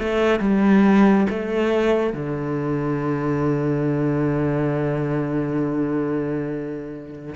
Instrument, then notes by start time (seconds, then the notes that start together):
cello
0.00 A3
0.40 G3
1.30 A3
2.13 D3